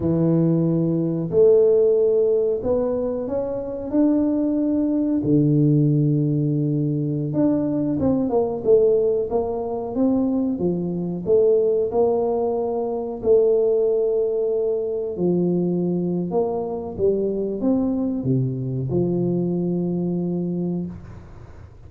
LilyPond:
\new Staff \with { instrumentName = "tuba" } { \time 4/4 \tempo 4 = 92 e2 a2 | b4 cis'4 d'2 | d2.~ d16 d'8.~ | d'16 c'8 ais8 a4 ais4 c'8.~ |
c'16 f4 a4 ais4.~ ais16~ | ais16 a2. f8.~ | f4 ais4 g4 c'4 | c4 f2. | }